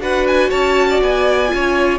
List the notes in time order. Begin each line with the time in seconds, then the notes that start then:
0.00 D4 F#4 B4 F#5
0.27 G#5
0.50 C#4 C#5 A5
0.90 D5
1.02 B3 G#5
1.49 C#4 F4
1.55 C#5